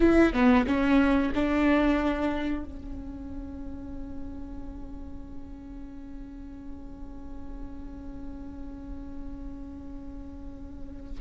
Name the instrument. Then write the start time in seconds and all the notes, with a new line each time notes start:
viola
0.00 E4
0.33 B3
0.66 C#4
1.34 D4
2.64 C#4